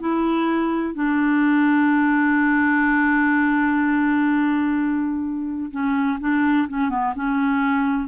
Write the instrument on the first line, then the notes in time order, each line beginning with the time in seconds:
clarinet
0.00 E4
0.94 D4
5.71 C#4
6.20 D4
6.68 C#4
6.90 B3
7.15 C#4